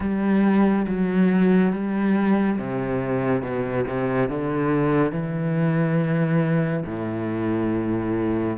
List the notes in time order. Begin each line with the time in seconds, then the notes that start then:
0.00 G3
0.86 F#3
1.72 G3
2.58 C3
3.42 B2
3.87 C3
4.29 D3
5.12 E3
6.85 A2